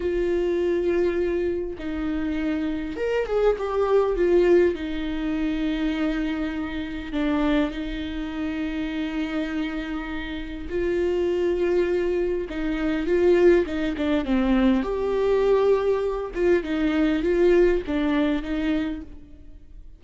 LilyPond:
\new Staff \with { instrumentName = "viola" } { \time 4/4 \tempo 4 = 101 f'2. dis'4~ | dis'4 ais'8 gis'8 g'4 f'4 | dis'1 | d'4 dis'2.~ |
dis'2 f'2~ | f'4 dis'4 f'4 dis'8 d'8 | c'4 g'2~ g'8 f'8 | dis'4 f'4 d'4 dis'4 | }